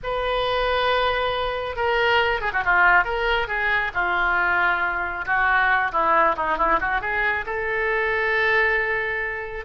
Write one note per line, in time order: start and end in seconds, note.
0.03 1.76 B4
1.76 2.40 A#4
2.40 2.51 G#4
2.52 2.63 F#4
2.64 3.04 F4
3.04 3.47 A#4
3.47 3.91 G#4
3.94 5.25 F4
5.25 5.91 F#4
5.91 6.35 E4
6.36 6.57 D#4
6.57 6.79 E4
6.80 7.01 F#4
7.01 7.45 G#4
7.46 9.65 A4